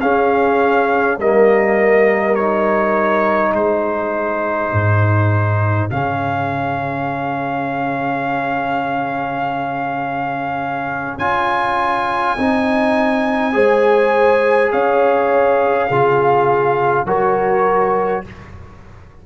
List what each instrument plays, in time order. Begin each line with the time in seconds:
0.00 tuba C#4, trombone C#4, horn G#4, trumpet F5
1.18 tuba G3, trombone A#3, horn A#4, trumpet D#5
2.35 trombone D#4, trumpet C#5
3.51 tuba G#3, horn G#4, trumpet C5
4.73 tuba G#2
5.90 tuba C#3, trombone C#4, trumpet F5
11.17 tuba C#4, trombone F4, trumpet G#5
12.37 tuba C4, trombone D#4
13.52 tuba G#3, trombone G#4, horn C5
14.72 tuba C#4, horn C#5, trumpet F5
15.88 tuba C#3, trombone F4, horn G#4
17.05 tuba F#3, trombone F#4, horn A#4, trumpet C#5